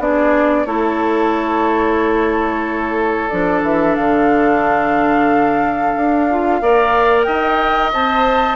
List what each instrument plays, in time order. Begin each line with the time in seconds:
0.00 bassoon B3, clarinet D4, oboe G#4, flute D5
0.66 bassoon A3, clarinet E4, oboe A4, flute C#5
3.29 bassoon F3, clarinet D4, flute D5
3.63 bassoon E3, flute E5
3.96 bassoon D3, flute F5
5.96 bassoon D4
6.31 clarinet F4
6.62 bassoon A#3, clarinet A#4, oboe D5
7.24 bassoon D#4, oboe D#5, flute G5
7.93 bassoon C4, clarinet C5, flute A5